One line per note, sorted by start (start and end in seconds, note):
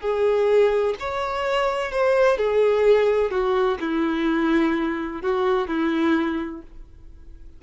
0.00 0.94 G#4
0.99 1.91 C#5
1.91 2.38 C5
2.38 3.30 G#4
3.30 3.78 F#4
3.80 5.22 E4
5.22 5.67 F#4
5.67 6.62 E4